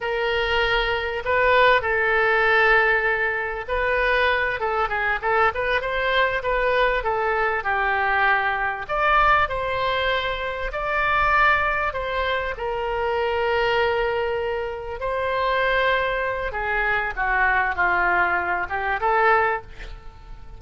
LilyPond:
\new Staff \with { instrumentName = "oboe" } { \time 4/4 \tempo 4 = 98 ais'2 b'4 a'4~ | a'2 b'4. a'8 | gis'8 a'8 b'8 c''4 b'4 a'8~ | a'8 g'2 d''4 c''8~ |
c''4. d''2 c''8~ | c''8 ais'2.~ ais'8~ | ais'8 c''2~ c''8 gis'4 | fis'4 f'4. g'8 a'4 | }